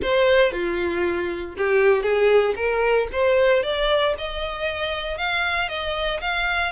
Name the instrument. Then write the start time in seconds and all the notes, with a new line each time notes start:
violin
0.02 C5
0.51 F4
1.57 G4
2.02 G#4
2.56 A#4
3.12 C5
3.63 D5
4.18 D#5
5.17 F5
5.68 D#5
6.21 F5